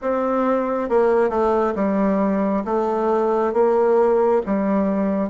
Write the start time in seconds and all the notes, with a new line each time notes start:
0.01 C4
0.89 A#3
1.29 A3
1.75 G3
2.65 A3
3.53 A#3
4.46 G3